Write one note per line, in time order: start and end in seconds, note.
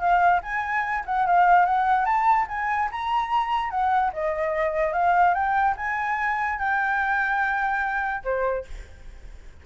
0.00 0.41 F5
0.43 1.05 G#5
1.06 1.27 F#5
1.27 1.66 F5
1.66 2.06 F#5
2.06 2.47 A5
2.49 2.90 G#5
2.92 3.71 A#5
3.71 4.12 F#5
4.13 4.94 D#5
4.94 5.34 F5
5.34 5.76 G5
5.77 6.59 G#5
6.60 8.24 G5
8.24 8.65 C5